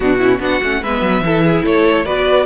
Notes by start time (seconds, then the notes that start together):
0.00 B2 B3 D4 F#4
0.18 C#4 E4
0.39 B3 D4 F#4 F#5
0.63 A3 C#4
0.82 G#3 B3 B4 E5
1.01 F#3
1.21 E3 E4 A4
1.44 G#4
1.64 A3 A4 C#5
2.05 B3 F#4 B4 D5